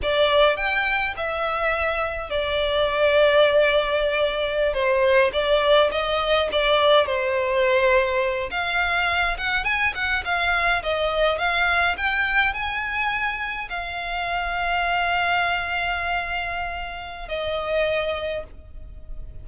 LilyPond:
\new Staff \with { instrumentName = "violin" } { \time 4/4 \tempo 4 = 104 d''4 g''4 e''2 | d''1~ | d''16 c''4 d''4 dis''4 d''8.~ | d''16 c''2~ c''8 f''4~ f''16~ |
f''16 fis''8 gis''8 fis''8 f''4 dis''4 f''16~ | f''8. g''4 gis''2 f''16~ | f''1~ | f''2 dis''2 | }